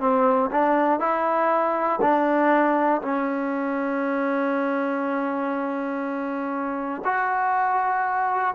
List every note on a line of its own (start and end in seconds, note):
0.00 0.50 C4
0.51 1.00 D4
1.00 2.00 E4
2.01 3.01 D4
3.02 7.02 C#4
7.05 8.55 F#4